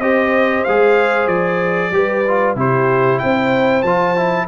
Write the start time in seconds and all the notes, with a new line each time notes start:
0.00 C4 G4 C5 D#5
0.64 G#3 G#4 F5
1.28 F3 D5
1.92 G3 G4 B4
2.28 F4
2.55 C3 E4 G4 C5
3.19 C4 C5 G5
3.83 F3 F4 A5
4.17 E4